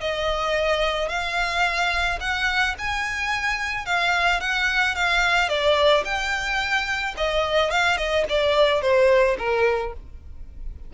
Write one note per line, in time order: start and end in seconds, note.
0.00 1.08 D#5
1.08 2.18 F5
2.20 2.75 F#5
2.78 3.85 G#5
3.85 4.40 F5
4.40 4.95 F#5
4.95 5.48 F5
5.48 6.04 D5
6.05 7.15 G5
7.17 7.71 D#5
7.71 7.97 F5
7.97 8.25 D#5
8.29 8.81 D5
8.81 9.37 C5
9.38 9.93 A#4